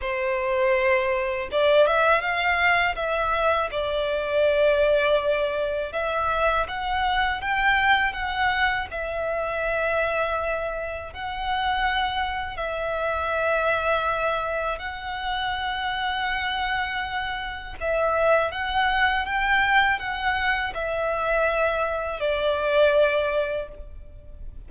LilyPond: \new Staff \with { instrumentName = "violin" } { \time 4/4 \tempo 4 = 81 c''2 d''8 e''8 f''4 | e''4 d''2. | e''4 fis''4 g''4 fis''4 | e''2. fis''4~ |
fis''4 e''2. | fis''1 | e''4 fis''4 g''4 fis''4 | e''2 d''2 | }